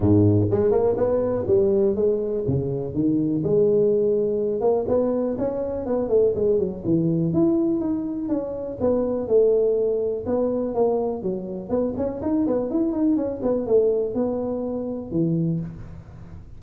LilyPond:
\new Staff \with { instrumentName = "tuba" } { \time 4/4 \tempo 4 = 123 gis,4 gis8 ais8 b4 g4 | gis4 cis4 dis4 gis4~ | gis4. ais8 b4 cis'4 | b8 a8 gis8 fis8 e4 e'4 |
dis'4 cis'4 b4 a4~ | a4 b4 ais4 fis4 | b8 cis'8 dis'8 b8 e'8 dis'8 cis'8 b8 | a4 b2 e4 | }